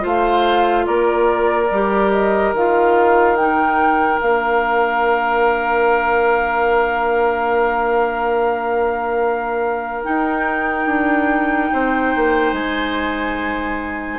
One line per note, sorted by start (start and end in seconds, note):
0.00 0.87 A3
0.00 1.67 F4
0.00 0.86 C5
0.06 0.86 F5
0.86 1.70 A#3
0.86 11.70 A#4
0.86 2.11 D5
1.71 2.53 G3
1.71 2.56 G4
2.11 2.53 D#5
2.53 4.20 D#3
2.53 3.38 F4
2.53 3.36 F5
3.36 4.20 D#4
3.36 4.20 G5
4.20 10.05 A#3
4.20 10.03 D4
4.20 10.04 F5
10.03 14.19 D#4
10.03 10.86 D#4
10.03 12.53 G5
10.86 11.69 D4
11.73 12.15 C4
11.73 14.19 C5
12.16 12.52 A#3
12.52 14.19 G#3
12.52 14.19 G#5